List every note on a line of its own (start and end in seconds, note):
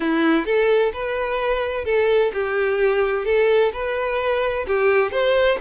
0.00 0.45 E4
0.45 0.92 A4
0.93 1.85 B4
1.85 2.31 A4
2.33 3.25 G4
3.25 3.71 A4
3.73 4.66 B4
4.67 5.11 G4
5.11 5.58 C5